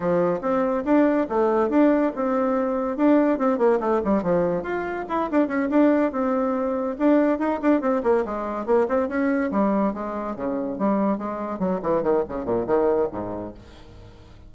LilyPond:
\new Staff \with { instrumentName = "bassoon" } { \time 4/4 \tempo 4 = 142 f4 c'4 d'4 a4 | d'4 c'2 d'4 | c'8 ais8 a8 g8 f4 f'4 | e'8 d'8 cis'8 d'4 c'4.~ |
c'8 d'4 dis'8 d'8 c'8 ais8 gis8~ | gis8 ais8 c'8 cis'4 g4 gis8~ | gis8 cis4 g4 gis4 fis8 | e8 dis8 cis8 ais,8 dis4 gis,4 | }